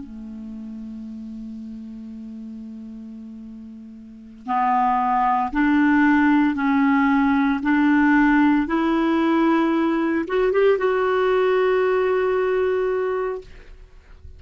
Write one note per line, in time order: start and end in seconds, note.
0.00 4.46 A3
4.46 5.52 B3
5.53 6.56 D4
6.56 7.61 C#4
7.63 8.67 D4
8.67 10.25 E4
10.28 10.53 F#4
10.53 10.78 G4
10.78 13.42 F#4